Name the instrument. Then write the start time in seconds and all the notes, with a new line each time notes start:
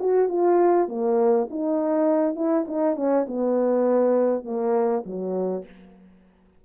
horn
0.00 F#4
0.29 F4
0.89 A#3
1.50 D#4
2.36 E4
2.68 D#4
2.96 C#4
3.28 B3
4.44 A#3
5.06 F#3